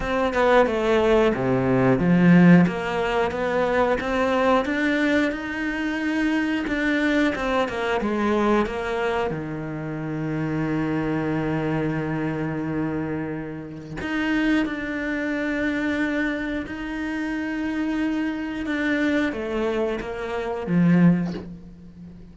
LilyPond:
\new Staff \with { instrumentName = "cello" } { \time 4/4 \tempo 4 = 90 c'8 b8 a4 c4 f4 | ais4 b4 c'4 d'4 | dis'2 d'4 c'8 ais8 | gis4 ais4 dis2~ |
dis1~ | dis4 dis'4 d'2~ | d'4 dis'2. | d'4 a4 ais4 f4 | }